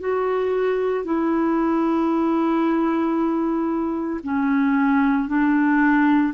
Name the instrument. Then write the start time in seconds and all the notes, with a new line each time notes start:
clarinet
0.00 F#4
1.05 E4
4.23 C#4
5.28 D4